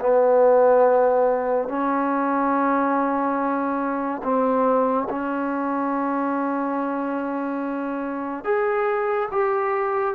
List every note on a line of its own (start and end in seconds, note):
0.00 1.68 B3
1.68 4.22 C#4
4.23 5.08 C4
5.09 8.44 C#4
8.44 9.29 G#4
9.31 10.14 G4